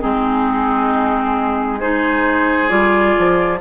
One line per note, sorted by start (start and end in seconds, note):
0.00 2.71 G#3
0.00 1.79 C4
0.00 1.80 D#4
0.00 1.80 G#4
1.80 2.68 D#4
1.80 3.59 G#4
1.80 2.69 C5
2.68 3.15 G3
2.68 3.58 F4
2.68 3.59 D5
3.18 3.61 F3